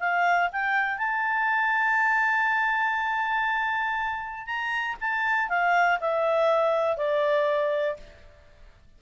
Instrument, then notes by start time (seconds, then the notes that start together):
clarinet
0.00 F5
0.53 G5
0.98 A5
4.47 A#5
5.01 A5
5.49 F5
6.00 E5
6.97 D5